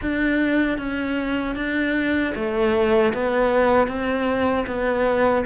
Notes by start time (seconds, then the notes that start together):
0.01 D4
0.78 C#4
1.55 D4
2.35 A3
3.13 B3
3.87 C4
4.66 B3